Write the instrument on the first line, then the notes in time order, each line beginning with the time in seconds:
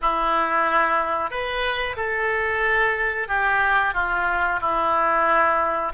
oboe
0.01 E4
1.30 B4
1.96 A4
3.28 G4
3.94 F4
4.60 E4